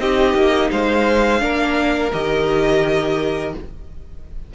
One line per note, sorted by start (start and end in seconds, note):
0.00 0.35 C4
0.00 1.40 D#4
0.00 0.72 G4
0.00 0.71 D#5
0.35 0.70 A#3
0.71 1.42 G#3
0.71 1.43 C5
0.71 2.12 F5
1.40 2.12 A#3
1.40 2.10 D4
1.40 3.55 A#4
2.13 3.55 D#3
2.13 3.55 G4
2.13 3.54 D#5